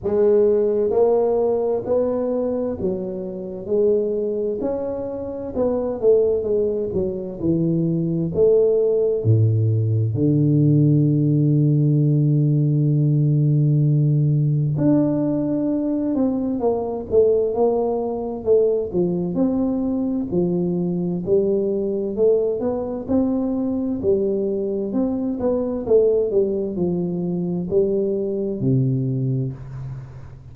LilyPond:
\new Staff \with { instrumentName = "tuba" } { \time 4/4 \tempo 4 = 65 gis4 ais4 b4 fis4 | gis4 cis'4 b8 a8 gis8 fis8 | e4 a4 a,4 d4~ | d1 |
d'4. c'8 ais8 a8 ais4 | a8 f8 c'4 f4 g4 | a8 b8 c'4 g4 c'8 b8 | a8 g8 f4 g4 c4 | }